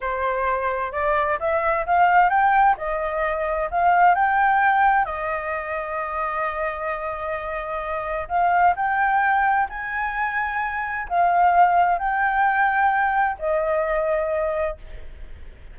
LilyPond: \new Staff \with { instrumentName = "flute" } { \time 4/4 \tempo 4 = 130 c''2 d''4 e''4 | f''4 g''4 dis''2 | f''4 g''2 dis''4~ | dis''1~ |
dis''2 f''4 g''4~ | g''4 gis''2. | f''2 g''2~ | g''4 dis''2. | }